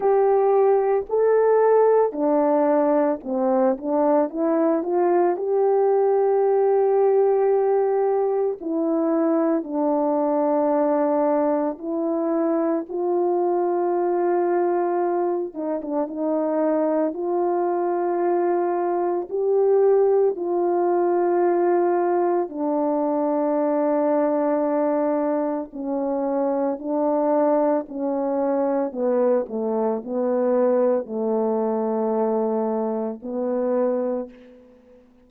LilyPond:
\new Staff \with { instrumentName = "horn" } { \time 4/4 \tempo 4 = 56 g'4 a'4 d'4 c'8 d'8 | e'8 f'8 g'2. | e'4 d'2 e'4 | f'2~ f'8 dis'16 d'16 dis'4 |
f'2 g'4 f'4~ | f'4 d'2. | cis'4 d'4 cis'4 b8 a8 | b4 a2 b4 | }